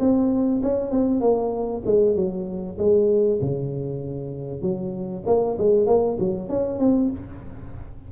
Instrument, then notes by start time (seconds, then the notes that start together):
tuba
0.00 C4
0.63 C#4
0.91 C4
1.21 A#3
1.86 G#3
2.16 F#3
2.78 G#3
3.42 C#3
4.62 F#3
5.27 A#3
5.58 G#3
5.87 A#3
6.20 F#3
6.49 C#4
6.79 C4